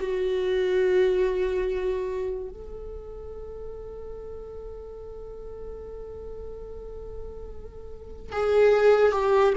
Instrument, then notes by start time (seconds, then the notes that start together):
viola
0.00 F#4
2.50 A4
8.32 G#4
9.12 G4